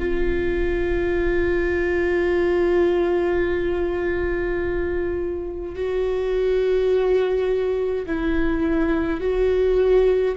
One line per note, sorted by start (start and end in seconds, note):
0.00 5.75 F4
5.75 8.06 F#4
8.06 9.20 E4
9.20 10.36 F#4